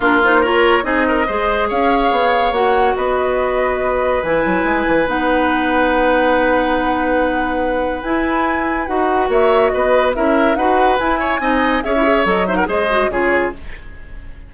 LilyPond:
<<
  \new Staff \with { instrumentName = "flute" } { \time 4/4 \tempo 4 = 142 ais'8 c''8 cis''4 dis''2 | f''2 fis''4 dis''4~ | dis''2 gis''2 | fis''1~ |
fis''2. gis''4~ | gis''4 fis''4 e''4 dis''4 | e''4 fis''4 gis''2 | e''4 dis''8 e''16 fis''16 dis''4 cis''4 | }
  \new Staff \with { instrumentName = "oboe" } { \time 4/4 f'4 ais'4 gis'8 ais'8 c''4 | cis''2. b'4~ | b'1~ | b'1~ |
b'1~ | b'2 cis''4 b'4 | ais'4 b'4. cis''8 dis''4 | cis''4. c''16 ais'16 c''4 gis'4 | }
  \new Staff \with { instrumentName = "clarinet" } { \time 4/4 d'8 dis'8 f'4 dis'4 gis'4~ | gis'2 fis'2~ | fis'2 e'2 | dis'1~ |
dis'2. e'4~ | e'4 fis'2. | e'4 fis'4 e'4 dis'4 | gis'16 e'16 gis'8 a'8 dis'8 gis'8 fis'8 f'4 | }
  \new Staff \with { instrumentName = "bassoon" } { \time 4/4 ais2 c'4 gis4 | cis'4 b4 ais4 b4~ | b2 e8 fis8 gis8 e8 | b1~ |
b2. e'4~ | e'4 dis'4 ais4 b4 | cis'4 dis'4 e'4 c'4 | cis'4 fis4 gis4 cis4 | }
>>